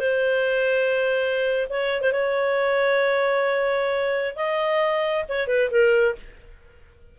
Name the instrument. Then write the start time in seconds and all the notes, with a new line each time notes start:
clarinet
0.00 C5
1.69 C#5
2.01 C5
2.12 C#5
4.36 D#5
5.29 C#5
5.48 B4
5.70 A#4